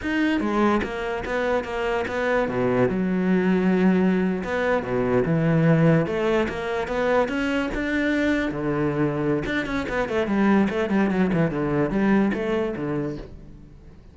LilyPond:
\new Staff \with { instrumentName = "cello" } { \time 4/4 \tempo 4 = 146 dis'4 gis4 ais4 b4 | ais4 b4 b,4 fis4~ | fis2~ fis8. b4 b,16~ | b,8. e2 a4 ais16~ |
ais8. b4 cis'4 d'4~ d'16~ | d'8. d2~ d16 d'8 cis'8 | b8 a8 g4 a8 g8 fis8 e8 | d4 g4 a4 d4 | }